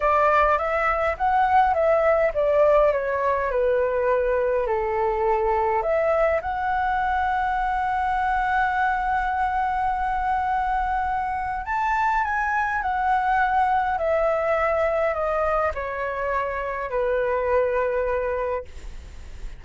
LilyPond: \new Staff \with { instrumentName = "flute" } { \time 4/4 \tempo 4 = 103 d''4 e''4 fis''4 e''4 | d''4 cis''4 b'2 | a'2 e''4 fis''4~ | fis''1~ |
fis''1 | a''4 gis''4 fis''2 | e''2 dis''4 cis''4~ | cis''4 b'2. | }